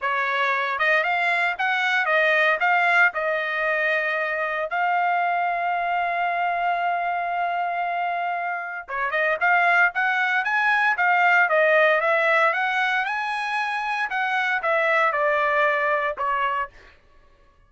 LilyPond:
\new Staff \with { instrumentName = "trumpet" } { \time 4/4 \tempo 4 = 115 cis''4. dis''8 f''4 fis''4 | dis''4 f''4 dis''2~ | dis''4 f''2.~ | f''1~ |
f''4 cis''8 dis''8 f''4 fis''4 | gis''4 f''4 dis''4 e''4 | fis''4 gis''2 fis''4 | e''4 d''2 cis''4 | }